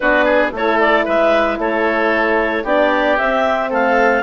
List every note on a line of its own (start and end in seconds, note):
0.00 0.51 B3
0.00 0.54 D4
0.00 0.24 F#4
0.00 0.50 B4
0.24 0.51 G#4
0.51 1.04 A3
0.51 2.65 E4
0.51 1.05 A4
0.51 0.80 C#5
0.80 1.06 D5
1.05 1.58 G#3
1.05 1.58 B4
1.05 1.60 E5
1.58 2.64 A3
1.58 2.63 A4
1.58 2.66 C#5
2.63 3.17 B3
2.63 3.18 D4
2.63 3.69 G4
2.63 3.17 D5
3.17 4.23 C4
3.17 3.71 C4
3.17 3.70 E5
3.69 4.23 A3
3.69 4.22 A4
3.69 4.23 F5